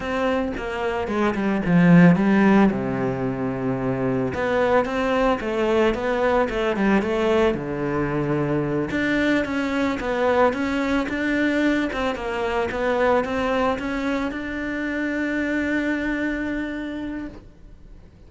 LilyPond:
\new Staff \with { instrumentName = "cello" } { \time 4/4 \tempo 4 = 111 c'4 ais4 gis8 g8 f4 | g4 c2. | b4 c'4 a4 b4 | a8 g8 a4 d2~ |
d8 d'4 cis'4 b4 cis'8~ | cis'8 d'4. c'8 ais4 b8~ | b8 c'4 cis'4 d'4.~ | d'1 | }